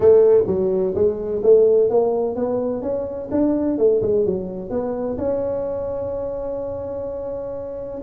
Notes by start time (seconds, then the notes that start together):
0.00 A3
0.46 F#3
0.94 G#3
1.43 A3
1.89 A#3
2.35 B3
2.82 C#4
3.31 D4
3.78 A3
4.02 G#3
4.25 F#3
4.69 B3
5.17 C#4